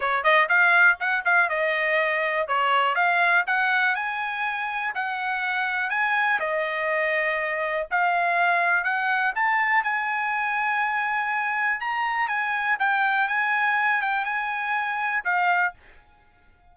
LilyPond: \new Staff \with { instrumentName = "trumpet" } { \time 4/4 \tempo 4 = 122 cis''8 dis''8 f''4 fis''8 f''8 dis''4~ | dis''4 cis''4 f''4 fis''4 | gis''2 fis''2 | gis''4 dis''2. |
f''2 fis''4 a''4 | gis''1 | ais''4 gis''4 g''4 gis''4~ | gis''8 g''8 gis''2 f''4 | }